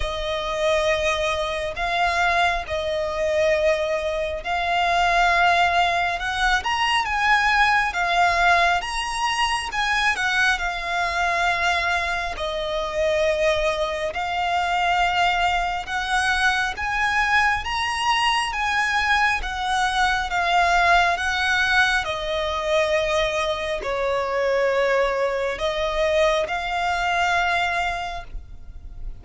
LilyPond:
\new Staff \with { instrumentName = "violin" } { \time 4/4 \tempo 4 = 68 dis''2 f''4 dis''4~ | dis''4 f''2 fis''8 ais''8 | gis''4 f''4 ais''4 gis''8 fis''8 | f''2 dis''2 |
f''2 fis''4 gis''4 | ais''4 gis''4 fis''4 f''4 | fis''4 dis''2 cis''4~ | cis''4 dis''4 f''2 | }